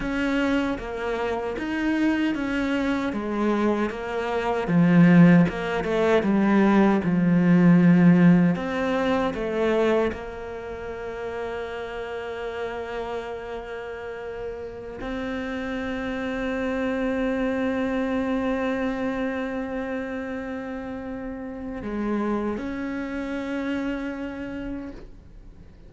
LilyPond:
\new Staff \with { instrumentName = "cello" } { \time 4/4 \tempo 4 = 77 cis'4 ais4 dis'4 cis'4 | gis4 ais4 f4 ais8 a8 | g4 f2 c'4 | a4 ais2.~ |
ais2.~ ais16 c'8.~ | c'1~ | c'1 | gis4 cis'2. | }